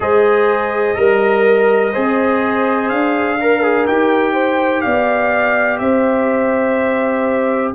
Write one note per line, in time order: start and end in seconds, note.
0.00 0.95 G#3
0.00 0.95 G#4
0.00 0.97 C5
0.00 2.89 D#5
0.95 1.93 G3
0.95 1.92 A#4
1.92 2.90 C4
1.92 3.39 G#4
1.92 3.37 C5
2.89 3.86 D4
2.89 3.85 F5
3.40 3.62 A#4
3.40 4.33 A#4
3.62 3.87 G#4
3.86 4.84 D#4
3.86 7.75 G4
3.86 4.81 G5
4.33 4.81 C5
4.81 5.79 B3
4.81 5.80 D5
4.81 5.78 F5
5.78 7.73 C4
5.78 7.74 C5
5.78 7.71 E5